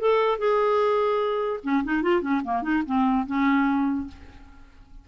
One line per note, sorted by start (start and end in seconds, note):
0.00 0.38 A4
0.38 1.60 G#4
1.63 1.83 C#4
1.84 2.02 D#4
2.02 2.21 F4
2.21 2.42 C#4
2.44 2.62 A#3
2.62 2.82 D#4
2.86 3.26 C4
3.26 4.07 C#4